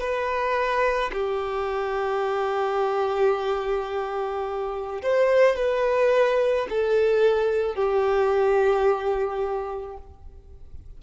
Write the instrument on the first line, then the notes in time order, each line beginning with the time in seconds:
violin
0.00 B4
1.13 G4
5.03 C5
5.56 B4
6.69 A4
7.75 G4